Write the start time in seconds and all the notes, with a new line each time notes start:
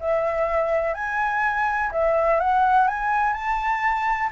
0.00 E5
0.94 G#5
1.92 E5
2.40 F#5
2.88 G#5
3.33 A5